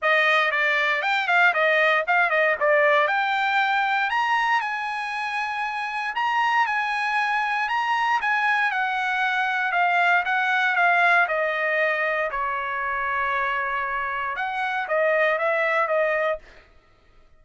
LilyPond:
\new Staff \with { instrumentName = "trumpet" } { \time 4/4 \tempo 4 = 117 dis''4 d''4 g''8 f''8 dis''4 | f''8 dis''8 d''4 g''2 | ais''4 gis''2. | ais''4 gis''2 ais''4 |
gis''4 fis''2 f''4 | fis''4 f''4 dis''2 | cis''1 | fis''4 dis''4 e''4 dis''4 | }